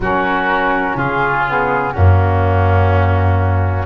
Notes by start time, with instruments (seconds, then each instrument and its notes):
0.00 tuba F#3, saxophone C#4, oboe F#4, flute A#4
0.96 tuba C#3, oboe F4, flute G#4
1.47 saxophone B3
1.92 tuba F#2, saxophone A#3, oboe C#4, flute F#4